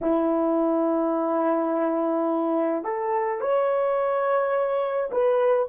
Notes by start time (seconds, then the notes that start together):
0.01 E4
2.84 A4
3.40 C#5
5.11 B4